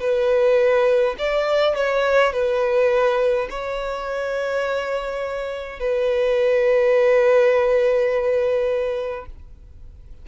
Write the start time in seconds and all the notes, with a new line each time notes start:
0.00 B4
1.19 D5
1.76 C#5
2.32 B4
3.50 C#5
5.80 B4